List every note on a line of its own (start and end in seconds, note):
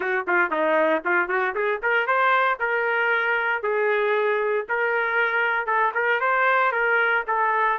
0.00 0.25 F#4
0.27 0.50 F4
0.50 1.02 D#4
1.04 1.28 F4
1.28 1.54 F#4
1.54 1.80 G#4
1.82 2.06 A#4
2.06 2.58 C5
2.59 3.62 A#4
3.62 4.66 G#4
4.69 5.66 A#4
5.66 5.92 A4
5.94 6.20 A#4
6.20 6.71 C5
6.72 7.23 A#4
7.27 7.78 A4